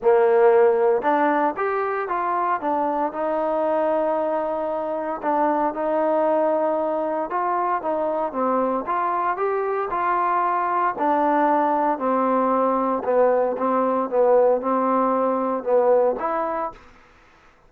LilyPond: \new Staff \with { instrumentName = "trombone" } { \time 4/4 \tempo 4 = 115 ais2 d'4 g'4 | f'4 d'4 dis'2~ | dis'2 d'4 dis'4~ | dis'2 f'4 dis'4 |
c'4 f'4 g'4 f'4~ | f'4 d'2 c'4~ | c'4 b4 c'4 b4 | c'2 b4 e'4 | }